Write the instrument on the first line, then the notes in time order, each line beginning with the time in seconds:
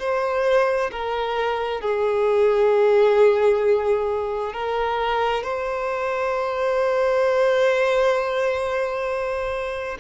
violin
0.00 C5
0.92 A#4
1.82 G#4
4.54 A#4
5.44 C5